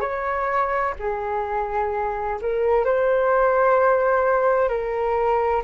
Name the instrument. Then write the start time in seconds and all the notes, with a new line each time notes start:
flute
0.00 C#5
0.99 G#4
2.41 A#4
2.85 C5
4.68 A#4